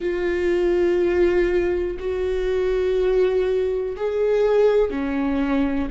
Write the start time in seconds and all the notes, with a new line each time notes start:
0.00 F4
1.99 F#4
3.96 G#4
4.90 C#4